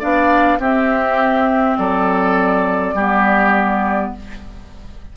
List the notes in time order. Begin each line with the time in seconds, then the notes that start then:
0.00 B3 D4 D5 F5
0.59 C4 G4 E5
1.78 F#3 A4 D5
2.94 G3 B3 G4